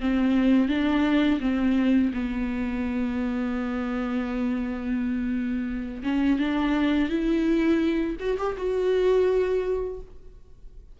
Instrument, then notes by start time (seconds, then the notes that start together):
viola
0.00 C4
0.68 D4
1.40 C4
2.14 B3
6.03 C#4
6.39 D4
7.09 E4
8.19 F#4
8.38 G4
8.57 F#4